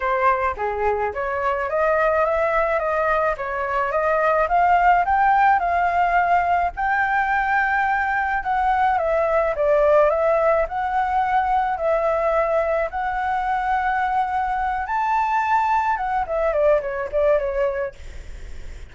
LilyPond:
\new Staff \with { instrumentName = "flute" } { \time 4/4 \tempo 4 = 107 c''4 gis'4 cis''4 dis''4 | e''4 dis''4 cis''4 dis''4 | f''4 g''4 f''2 | g''2. fis''4 |
e''4 d''4 e''4 fis''4~ | fis''4 e''2 fis''4~ | fis''2~ fis''8 a''4.~ | a''8 fis''8 e''8 d''8 cis''8 d''8 cis''4 | }